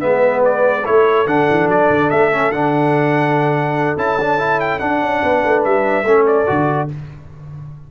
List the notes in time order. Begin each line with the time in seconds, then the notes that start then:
0.00 G#3 B3 B4 E5
0.45 D5
0.85 A3 E4 A4 C#5
1.26 D3 D4 F#5
1.50 E3
1.68 F#3 D5
1.90 D3
2.10 A3 E5
2.32 C#4
2.51 D3 D4 F#5
3.96 C#4 E4 A5
4.20 D4
4.39 E4
4.60 G5
4.79 D4 F#5
5.02 C#4
5.23 B3 B4
5.46 A3
5.64 G3 E5
6.03 A3 C#4 A4
6.27 D5
6.47 D3 F#4